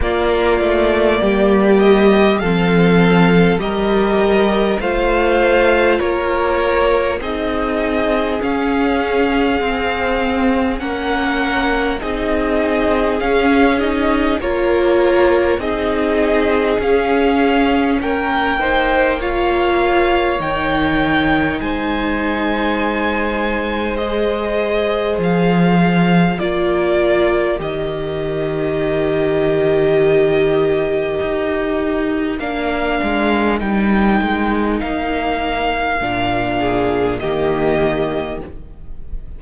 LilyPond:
<<
  \new Staff \with { instrumentName = "violin" } { \time 4/4 \tempo 4 = 50 d''4. dis''8 f''4 dis''4 | f''4 cis''4 dis''4 f''4~ | f''4 fis''4 dis''4 f''8 dis''8 | cis''4 dis''4 f''4 g''4 |
f''4 g''4 gis''2 | dis''4 f''4 d''4 dis''4~ | dis''2. f''4 | g''4 f''2 dis''4 | }
  \new Staff \with { instrumentName = "violin" } { \time 4/4 f'4 g'4 a'4 ais'4 | c''4 ais'4 gis'2~ | gis'4 ais'4 gis'2 | ais'4 gis'2 ais'8 c''8 |
cis''2 c''2~ | c''2 ais'2~ | ais'1~ | ais'2~ ais'8 gis'8 g'4 | }
  \new Staff \with { instrumentName = "viola" } { \time 4/4 ais2 c'4 g'4 | f'2 dis'4 cis'4 | c'4 cis'4 dis'4 cis'8 dis'8 | f'4 dis'4 cis'4. dis'8 |
f'4 dis'2. | gis'2 f'4 g'4~ | g'2. d'4 | dis'2 d'4 ais4 | }
  \new Staff \with { instrumentName = "cello" } { \time 4/4 ais8 a8 g4 f4 g4 | a4 ais4 c'4 cis'4 | c'4 ais4 c'4 cis'4 | ais4 c'4 cis'4 ais4~ |
ais4 dis4 gis2~ | gis4 f4 ais4 dis4~ | dis2 dis'4 ais8 gis8 | g8 gis8 ais4 ais,4 dis4 | }
>>